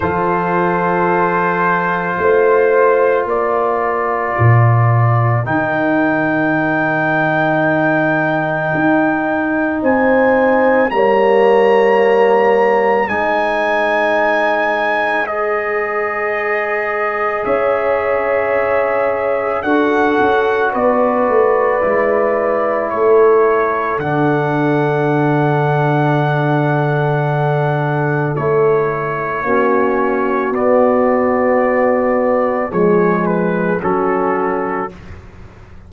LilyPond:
<<
  \new Staff \with { instrumentName = "trumpet" } { \time 4/4 \tempo 4 = 55 c''2. d''4~ | d''4 g''2.~ | g''4 gis''4 ais''2 | gis''2 dis''2 |
e''2 fis''4 d''4~ | d''4 cis''4 fis''2~ | fis''2 cis''2 | d''2 cis''8 b'8 a'4 | }
  \new Staff \with { instrumentName = "horn" } { \time 4/4 a'2 c''4 ais'4~ | ais'1~ | ais'4 c''4 cis''2 | c''1 |
cis''2 a'4 b'4~ | b'4 a'2.~ | a'2. fis'4~ | fis'2 gis'4 fis'4 | }
  \new Staff \with { instrumentName = "trombone" } { \time 4/4 f'1~ | f'4 dis'2.~ | dis'2 ais2 | dis'2 gis'2~ |
gis'2 fis'2 | e'2 d'2~ | d'2 e'4 cis'4 | b2 gis4 cis'4 | }
  \new Staff \with { instrumentName = "tuba" } { \time 4/4 f2 a4 ais4 | ais,4 dis2. | dis'4 c'4 g2 | gis1 |
cis'2 d'8 cis'8 b8 a8 | gis4 a4 d2~ | d2 a4 ais4 | b2 f4 fis4 | }
>>